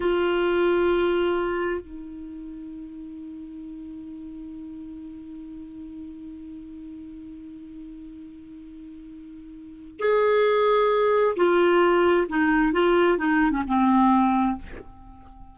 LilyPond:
\new Staff \with { instrumentName = "clarinet" } { \time 4/4 \tempo 4 = 132 f'1 | dis'1~ | dis'1~ | dis'1~ |
dis'1~ | dis'2 gis'2~ | gis'4 f'2 dis'4 | f'4 dis'8. cis'16 c'2 | }